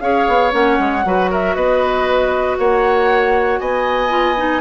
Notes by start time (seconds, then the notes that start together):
0.00 C#4 G#4 C#5 F5
0.28 B3
0.51 A#3 C#4 F#5
0.79 G#3
1.05 F#3 F#4 B4
1.30 A#4 E5
1.55 B3 B4 D#5
2.58 A#3 C#5 F#5
3.60 B3 D#5 G#5
4.10 F4
4.37 D#4